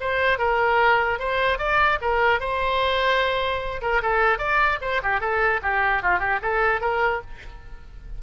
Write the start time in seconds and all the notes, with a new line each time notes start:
0.00 C5
0.38 A#4
1.19 C5
1.58 D5
2.01 A#4
2.40 C5
3.81 A#4
4.02 A4
4.38 D5
4.81 C5
5.02 G4
5.20 A4
5.62 G4
6.02 F4
6.19 G4
6.42 A4
6.81 A#4